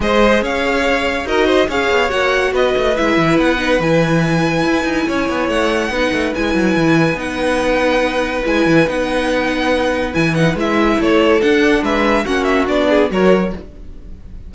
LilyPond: <<
  \new Staff \with { instrumentName = "violin" } { \time 4/4 \tempo 4 = 142 dis''4 f''2 dis''4 | f''4 fis''4 dis''4 e''4 | fis''4 gis''2.~ | gis''4 fis''2 gis''4~ |
gis''4 fis''2. | gis''4 fis''2. | gis''8 fis''8 e''4 cis''4 fis''4 | e''4 fis''8 e''8 d''4 cis''4 | }
  \new Staff \with { instrumentName = "violin" } { \time 4/4 c''4 cis''2 ais'8 c''8 | cis''2 b'2~ | b'1 | cis''2 b'2~ |
b'1~ | b'1~ | b'2 a'2 | b'4 fis'4. gis'8 ais'4 | }
  \new Staff \with { instrumentName = "viola" } { \time 4/4 gis'2. fis'4 | gis'4 fis'2 e'4~ | e'8 dis'8 e'2.~ | e'2 dis'4 e'4~ |
e'4 dis'2. | e'4 dis'2. | e'8 dis'8 e'2 d'4~ | d'4 cis'4 d'4 fis'4 | }
  \new Staff \with { instrumentName = "cello" } { \time 4/4 gis4 cis'2 dis'4 | cis'8 b8 ais4 b8 a8 gis8 e8 | b4 e2 e'8 dis'8 | cis'8 b8 a4 b8 a8 gis8 fis8 |
e4 b2. | gis8 e8 b2. | e4 gis4 a4 d'4 | gis4 ais4 b4 fis4 | }
>>